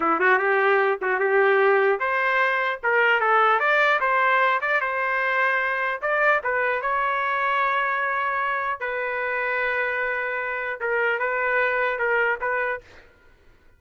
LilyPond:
\new Staff \with { instrumentName = "trumpet" } { \time 4/4 \tempo 4 = 150 e'8 fis'8 g'4. fis'8 g'4~ | g'4 c''2 ais'4 | a'4 d''4 c''4. d''8 | c''2. d''4 |
b'4 cis''2.~ | cis''2 b'2~ | b'2. ais'4 | b'2 ais'4 b'4 | }